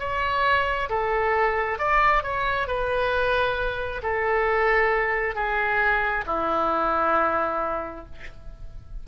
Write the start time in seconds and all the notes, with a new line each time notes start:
0.00 C#5
0.90 A4
1.79 D5
2.23 C#5
2.68 B4
4.03 A4
5.36 G#4
6.27 E4